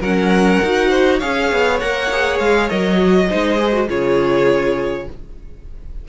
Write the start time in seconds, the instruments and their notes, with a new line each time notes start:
0.00 cello F#3, viola C#4, violin A#4 F#5
0.63 cello D#4, viola F#4
0.89 violin C5
1.19 cello C#4, viola G#4, violin C#5 F5
1.52 cello B3
1.80 cello A#3, viola A#4, violin F#5
2.12 viola G#4
2.39 cello G#3, violin F5
2.69 cello F#3, viola A#4, violin D#5
2.97 viola F#4
3.29 cello G#3, viola D#4, violin C5
3.59 viola G#4
3.72 viola F#4
3.88 cello C#3, viola F4, violin G#4 C#5